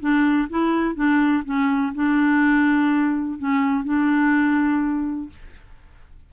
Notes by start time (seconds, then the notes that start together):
0.00 D4
0.49 E4
0.95 D4
1.45 C#4
1.95 D4
3.39 C#4
3.84 D4